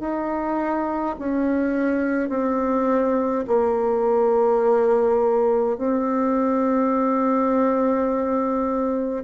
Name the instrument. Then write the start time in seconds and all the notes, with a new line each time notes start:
bassoon
0.00 D#4
1.19 C#4
2.29 C4
3.47 A#3
5.77 C4